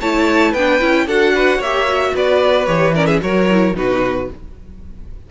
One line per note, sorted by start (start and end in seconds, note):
0.00 0.54 A3
0.00 0.56 E4
0.00 0.52 C#5
0.00 0.54 A5
0.52 0.80 B3
0.52 0.80 D4
0.52 1.05 B4
0.52 1.07 G5
0.80 1.07 C#4
0.80 1.07 E4
1.07 1.58 D4
1.07 1.62 F#4
1.07 1.33 A4
1.07 1.62 F#5
1.34 1.58 B4
1.58 2.11 A#3
1.58 1.86 G4
1.58 2.11 C#5
1.58 2.15 E5
1.86 2.67 F#4
2.14 2.67 B3
2.14 2.94 B4
2.14 2.66 D5
2.66 3.21 E3
2.66 2.94 G4
2.66 2.93 C#5
2.94 3.21 C#4
2.94 3.07 A#4
2.94 3.06 D5
3.06 3.20 G#4
3.06 3.20 E5
3.21 3.74 F#3
3.21 3.48 F#4
3.21 3.76 A#4
3.21 3.76 C#5
3.50 3.75 E4
3.74 4.28 B2
3.74 4.28 D#4
3.74 4.30 F#4
3.74 4.30 B4